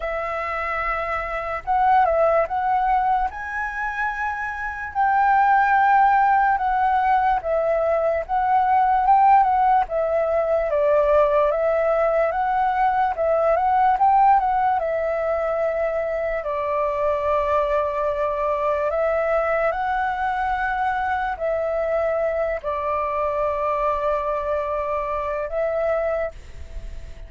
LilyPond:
\new Staff \with { instrumentName = "flute" } { \time 4/4 \tempo 4 = 73 e''2 fis''8 e''8 fis''4 | gis''2 g''2 | fis''4 e''4 fis''4 g''8 fis''8 | e''4 d''4 e''4 fis''4 |
e''8 fis''8 g''8 fis''8 e''2 | d''2. e''4 | fis''2 e''4. d''8~ | d''2. e''4 | }